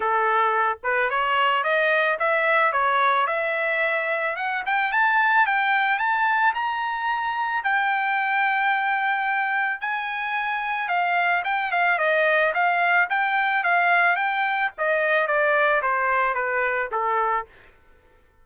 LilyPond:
\new Staff \with { instrumentName = "trumpet" } { \time 4/4 \tempo 4 = 110 a'4. b'8 cis''4 dis''4 | e''4 cis''4 e''2 | fis''8 g''8 a''4 g''4 a''4 | ais''2 g''2~ |
g''2 gis''2 | f''4 g''8 f''8 dis''4 f''4 | g''4 f''4 g''4 dis''4 | d''4 c''4 b'4 a'4 | }